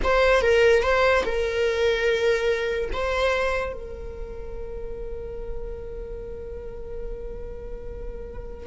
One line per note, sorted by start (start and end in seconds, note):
0.03 0.41 C5
0.41 0.82 A#4
0.82 1.24 C5
1.25 2.90 A#4
2.92 3.73 C5
3.73 8.67 A#4